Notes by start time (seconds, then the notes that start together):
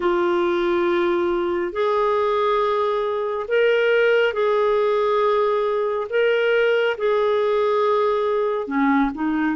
0.00 F4
1.72 G#4
3.48 A#4
4.33 G#4
6.09 A#4
6.97 G#4
8.67 C#4
9.14 D#4